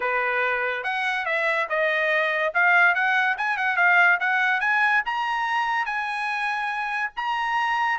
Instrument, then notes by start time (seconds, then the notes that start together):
trumpet
0.00 B4
0.83 F#5
1.25 E5
1.69 D#5
2.54 F5
2.94 F#5
3.37 G#5
3.57 F#5
3.76 F5
4.20 F#5
4.60 G#5
5.05 A#5
5.85 G#5
7.16 A#5